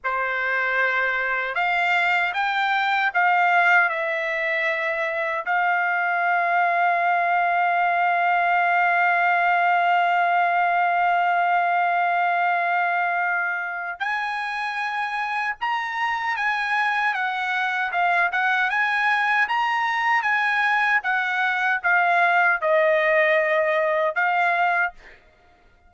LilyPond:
\new Staff \with { instrumentName = "trumpet" } { \time 4/4 \tempo 4 = 77 c''2 f''4 g''4 | f''4 e''2 f''4~ | f''1~ | f''1~ |
f''2 gis''2 | ais''4 gis''4 fis''4 f''8 fis''8 | gis''4 ais''4 gis''4 fis''4 | f''4 dis''2 f''4 | }